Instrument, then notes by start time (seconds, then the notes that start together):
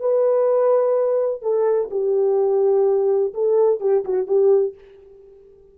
horn
0.00 B4
1.42 A4
1.91 G4
3.34 A4
3.81 G4
4.05 F#4
4.27 G4